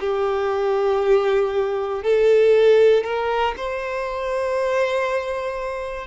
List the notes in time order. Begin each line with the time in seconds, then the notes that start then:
0.00 G4
2.03 A4
3.03 A#4
3.56 C5